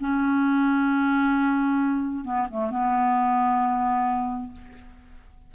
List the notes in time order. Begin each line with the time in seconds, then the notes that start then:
0.00 C#4
2.24 B3
2.50 A3
2.71 B3